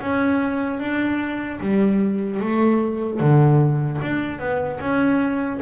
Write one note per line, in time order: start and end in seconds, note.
0.00 0.79 C#4
0.79 1.59 D4
1.60 2.40 G3
2.40 3.20 A3
3.20 4.00 D3
4.01 4.39 D4
4.39 4.79 B3
4.80 5.60 C#4